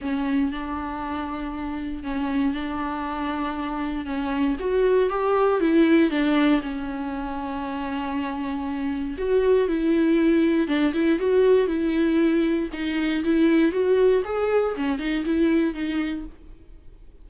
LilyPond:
\new Staff \with { instrumentName = "viola" } { \time 4/4 \tempo 4 = 118 cis'4 d'2. | cis'4 d'2. | cis'4 fis'4 g'4 e'4 | d'4 cis'2.~ |
cis'2 fis'4 e'4~ | e'4 d'8 e'8 fis'4 e'4~ | e'4 dis'4 e'4 fis'4 | gis'4 cis'8 dis'8 e'4 dis'4 | }